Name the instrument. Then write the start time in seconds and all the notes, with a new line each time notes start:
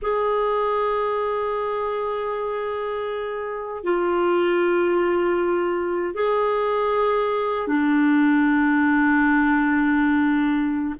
clarinet
0.02 G#4
3.83 F4
6.14 G#4
7.67 D4